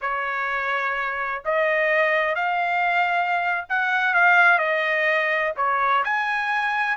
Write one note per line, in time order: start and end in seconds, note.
0.01 1.43 C#5
1.45 2.35 D#5
2.35 3.65 F5
3.69 4.14 F#5
4.14 4.58 F5
4.58 5.53 D#5
5.56 6.03 C#5
6.04 6.97 G#5